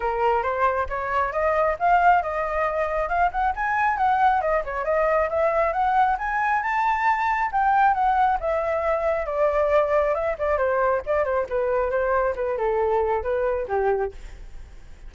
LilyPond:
\new Staff \with { instrumentName = "flute" } { \time 4/4 \tempo 4 = 136 ais'4 c''4 cis''4 dis''4 | f''4 dis''2 f''8 fis''8 | gis''4 fis''4 dis''8 cis''8 dis''4 | e''4 fis''4 gis''4 a''4~ |
a''4 g''4 fis''4 e''4~ | e''4 d''2 e''8 d''8 | c''4 d''8 c''8 b'4 c''4 | b'8 a'4. b'4 g'4 | }